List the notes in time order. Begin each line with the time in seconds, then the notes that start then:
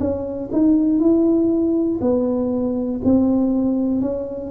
0.00 C#4
0.52 D#4
1.00 E4
2.01 B3
3.04 C4
4.01 C#4